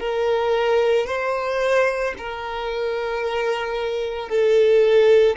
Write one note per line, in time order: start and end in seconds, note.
0.00 1.07 A#4
1.07 2.14 C5
2.18 4.29 A#4
4.29 5.36 A4